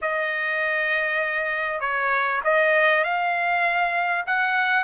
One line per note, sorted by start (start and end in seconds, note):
0.01 1.80 D#5
1.80 2.41 C#5
2.44 3.04 D#5
3.04 4.25 F5
4.26 4.83 F#5